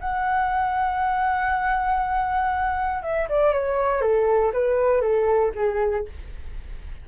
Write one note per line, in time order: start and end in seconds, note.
0.00 3.03 F#5
3.03 3.28 E5
3.29 3.53 D5
3.53 4.01 C#5
4.01 4.52 A4
4.53 5.01 B4
5.01 5.52 A4
5.55 6.05 G#4